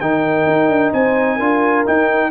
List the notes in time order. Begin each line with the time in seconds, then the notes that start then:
0.00 D#3 D#4 A#4 G5
0.47 D#4
0.69 D4
0.93 C4 C5 G#5
1.36 D4 F4 A#4
1.86 D#4 G5